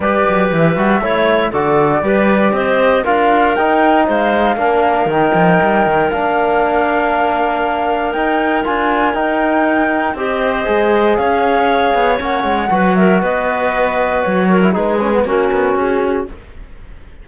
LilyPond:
<<
  \new Staff \with { instrumentName = "flute" } { \time 4/4 \tempo 4 = 118 d''4 e''2 d''4~ | d''4 dis''4 f''4 g''4 | f''2 g''2 | f''1 |
g''4 gis''4 g''2 | dis''2 f''2 | fis''4. e''8 dis''2 | cis''4 b'4 ais'4 gis'4 | }
  \new Staff \with { instrumentName = "clarinet" } { \time 4/4 b'2 cis''4 a'4 | b'4 c''4 ais'2 | c''4 ais'2.~ | ais'1~ |
ais'1 | c''2 cis''2~ | cis''4 b'8 ais'8 b'2~ | b'8 ais'8 gis'4 fis'2 | }
  \new Staff \with { instrumentName = "trombone" } { \time 4/4 g'4. fis'8 e'4 fis'4 | g'2 f'4 dis'4~ | dis'4 d'4 dis'2 | d'1 |
dis'4 f'4 dis'2 | g'4 gis'2. | cis'4 fis'2.~ | fis'8. e'16 dis'8 cis'16 b16 cis'2 | }
  \new Staff \with { instrumentName = "cello" } { \time 4/4 g8 fis8 e8 g8 a4 d4 | g4 c'4 d'4 dis'4 | gis4 ais4 dis8 f8 g8 dis8 | ais1 |
dis'4 d'4 dis'2 | c'4 gis4 cis'4. b8 | ais8 gis8 fis4 b2 | fis4 gis4 ais8 b8 cis'4 | }
>>